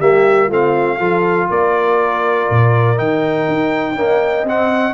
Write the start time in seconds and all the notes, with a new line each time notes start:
0.00 G3 A#3 G4 E5
0.48 A3 C4 F4 F5
0.99 F3 F4 A4
1.50 A#3 A#4 D5
2.51 A#2
2.97 D#3 D#4 G5
3.48 D#4
3.96 A#3 C#4 D#5
4.44 C4 F#5